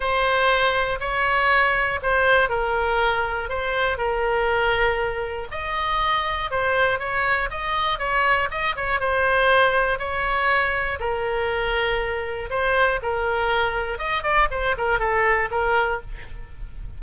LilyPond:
\new Staff \with { instrumentName = "oboe" } { \time 4/4 \tempo 4 = 120 c''2 cis''2 | c''4 ais'2 c''4 | ais'2. dis''4~ | dis''4 c''4 cis''4 dis''4 |
cis''4 dis''8 cis''8 c''2 | cis''2 ais'2~ | ais'4 c''4 ais'2 | dis''8 d''8 c''8 ais'8 a'4 ais'4 | }